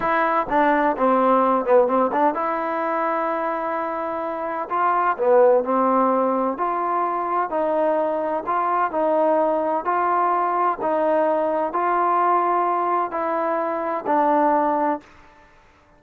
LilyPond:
\new Staff \with { instrumentName = "trombone" } { \time 4/4 \tempo 4 = 128 e'4 d'4 c'4. b8 | c'8 d'8 e'2.~ | e'2 f'4 b4 | c'2 f'2 |
dis'2 f'4 dis'4~ | dis'4 f'2 dis'4~ | dis'4 f'2. | e'2 d'2 | }